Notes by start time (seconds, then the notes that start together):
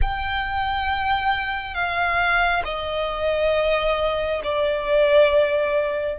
0.01 G5
1.74 F5
2.64 D#5
4.43 D5